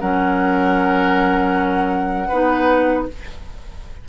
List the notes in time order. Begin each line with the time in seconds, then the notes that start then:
0.00 F#3 C#4 A#4 F#5
2.28 B3 D#4 B4